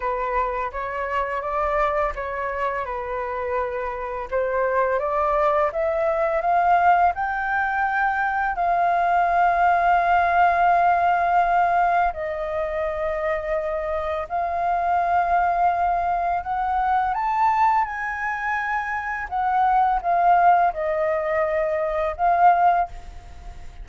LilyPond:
\new Staff \with { instrumentName = "flute" } { \time 4/4 \tempo 4 = 84 b'4 cis''4 d''4 cis''4 | b'2 c''4 d''4 | e''4 f''4 g''2 | f''1~ |
f''4 dis''2. | f''2. fis''4 | a''4 gis''2 fis''4 | f''4 dis''2 f''4 | }